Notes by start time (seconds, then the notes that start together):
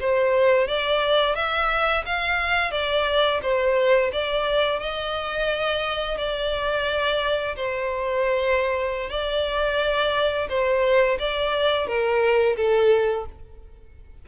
0.00 C5
0.68 D5
1.35 E5
2.06 F5
2.71 D5
3.42 C5
4.13 D5
4.80 D#5
6.18 D5
7.56 C5
9.10 D5
10.49 C5
11.19 D5
11.87 A#4
12.56 A4